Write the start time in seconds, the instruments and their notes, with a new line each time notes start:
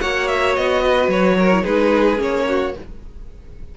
0.00 cello A#3, viola F#4, violin C#5 F#5
0.27 violin E5
0.55 cello B3, violin D#5
0.82 violin B4
1.08 cello F#3, violin C#5
1.38 violin A#4
1.52 viola E4
1.63 cello G#3, viola D#4, violin G#4 B4
2.16 cello A#3, viola C#4
2.22 violin C#5
2.48 violin F#4